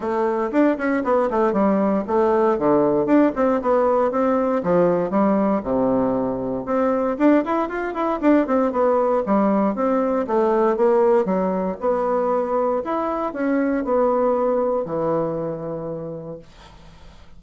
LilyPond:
\new Staff \with { instrumentName = "bassoon" } { \time 4/4 \tempo 4 = 117 a4 d'8 cis'8 b8 a8 g4 | a4 d4 d'8 c'8 b4 | c'4 f4 g4 c4~ | c4 c'4 d'8 e'8 f'8 e'8 |
d'8 c'8 b4 g4 c'4 | a4 ais4 fis4 b4~ | b4 e'4 cis'4 b4~ | b4 e2. | }